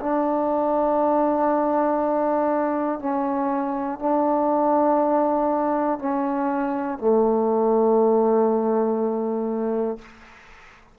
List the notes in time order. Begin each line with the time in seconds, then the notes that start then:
0.00 D4
2.99 C#4
4.00 D4
5.99 C#4
6.99 A3